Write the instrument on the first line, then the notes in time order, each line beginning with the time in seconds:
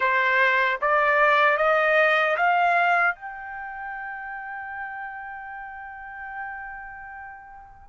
trumpet
0.00 C5
0.81 D5
1.57 D#5
2.36 F5
3.15 G5